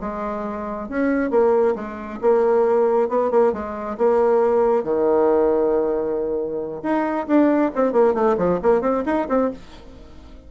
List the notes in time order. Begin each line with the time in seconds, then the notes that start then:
0.00 G#3
0.88 C#4
1.30 A#3
1.75 G#3
2.21 A#3
3.08 B3
3.30 A#3
3.53 G#3
3.97 A#3
4.83 D#3
6.82 D#4
7.27 D4
7.75 C4
7.92 A#3
8.14 A3
8.37 F3
8.62 A#3
8.81 C4
9.05 D#4
9.28 C4